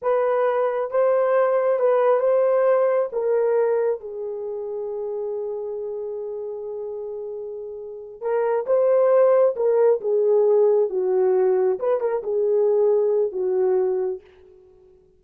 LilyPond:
\new Staff \with { instrumentName = "horn" } { \time 4/4 \tempo 4 = 135 b'2 c''2 | b'4 c''2 ais'4~ | ais'4 gis'2.~ | gis'1~ |
gis'2~ gis'8 ais'4 c''8~ | c''4. ais'4 gis'4.~ | gis'8 fis'2 b'8 ais'8 gis'8~ | gis'2 fis'2 | }